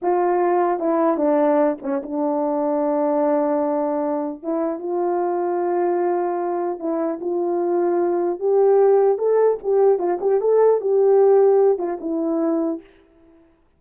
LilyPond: \new Staff \with { instrumentName = "horn" } { \time 4/4 \tempo 4 = 150 f'2 e'4 d'4~ | d'8 cis'8 d'2.~ | d'2. e'4 | f'1~ |
f'4 e'4 f'2~ | f'4 g'2 a'4 | g'4 f'8 g'8 a'4 g'4~ | g'4. f'8 e'2 | }